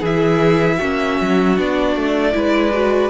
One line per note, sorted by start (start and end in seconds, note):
0.00 0.78 E3
0.00 0.81 E4
0.00 0.77 G#4
0.00 1.58 E5
0.77 1.20 A#3
0.77 1.56 C#4
0.77 2.31 F#4
1.21 1.58 F#3
1.56 1.96 B3
1.56 2.33 D4
1.56 3.09 D5
1.96 2.34 A3
2.33 3.09 G#3
2.33 2.71 E4
2.33 3.09 B4
2.73 3.09 F#4